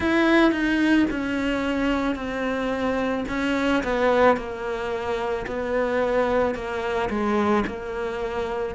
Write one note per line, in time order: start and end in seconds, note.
0.00 0.51 E4
0.51 1.06 D#4
1.10 2.15 C#4
2.15 3.24 C4
3.28 3.83 C#4
3.83 4.36 B3
4.36 5.45 A#3
5.46 6.55 B3
6.55 7.09 A#3
7.09 7.64 G#3
7.67 8.75 A#3